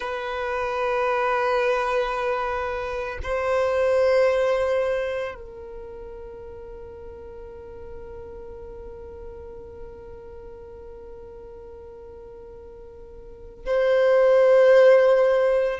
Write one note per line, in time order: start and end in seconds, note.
0.00 3.18 B4
3.22 5.34 C5
5.34 13.65 A#4
13.65 15.79 C5